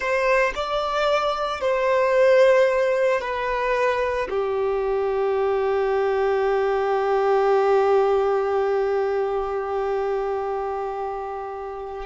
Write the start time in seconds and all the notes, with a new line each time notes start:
0.00 C5
0.55 D5
1.60 C5
3.20 B4
4.29 G4